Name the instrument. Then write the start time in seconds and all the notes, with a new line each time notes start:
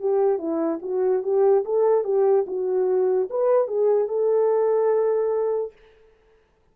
horn
0.00 G4
0.38 E4
0.82 F#4
1.23 G4
1.65 A4
2.04 G4
2.47 F#4
3.30 B4
3.68 G#4
4.08 A4